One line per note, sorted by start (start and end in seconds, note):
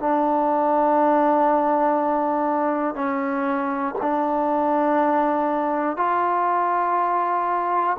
0.00 2.95 D4
2.95 3.95 C#4
4.02 5.97 D4
5.97 7.97 F4